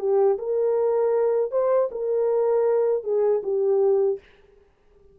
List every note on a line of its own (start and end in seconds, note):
0.00 0.38 G4
0.39 1.52 A#4
1.52 1.90 C5
1.92 3.04 A#4
3.04 3.42 G#4
3.43 4.19 G4